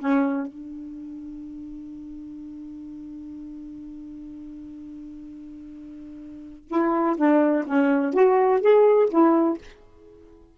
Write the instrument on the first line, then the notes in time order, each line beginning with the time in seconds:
saxophone
0.00 C#4
0.47 D4
6.68 E4
7.17 D4
7.67 C#4
8.14 F#4
8.61 G#4
9.10 E4